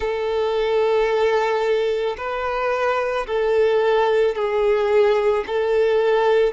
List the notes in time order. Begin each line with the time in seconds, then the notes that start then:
0.00 A4
2.17 B4
3.27 A4
4.35 G#4
5.46 A4